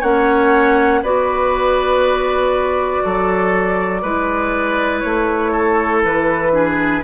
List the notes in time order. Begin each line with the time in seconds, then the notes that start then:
0.00 A#3 C#4 C#5 F#5
1.02 B3 F#4 B4 D5
3.04 F#3 A4
4.01 G#3 E4 B4
5.00 A3 C#5
5.51 A4
6.04 E3 B4
6.52 D4 G#4